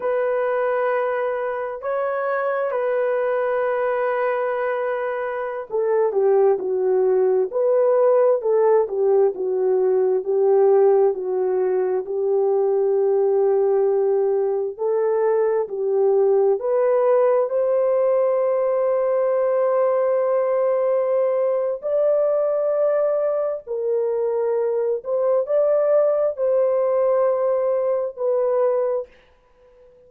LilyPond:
\new Staff \with { instrumentName = "horn" } { \time 4/4 \tempo 4 = 66 b'2 cis''4 b'4~ | b'2~ b'16 a'8 g'8 fis'8.~ | fis'16 b'4 a'8 g'8 fis'4 g'8.~ | g'16 fis'4 g'2~ g'8.~ |
g'16 a'4 g'4 b'4 c''8.~ | c''1 | d''2 ais'4. c''8 | d''4 c''2 b'4 | }